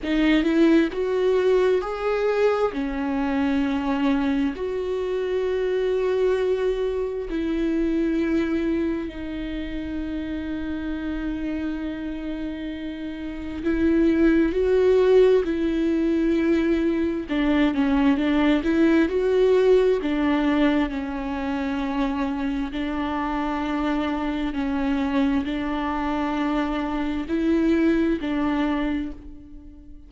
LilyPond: \new Staff \with { instrumentName = "viola" } { \time 4/4 \tempo 4 = 66 dis'8 e'8 fis'4 gis'4 cis'4~ | cis'4 fis'2. | e'2 dis'2~ | dis'2. e'4 |
fis'4 e'2 d'8 cis'8 | d'8 e'8 fis'4 d'4 cis'4~ | cis'4 d'2 cis'4 | d'2 e'4 d'4 | }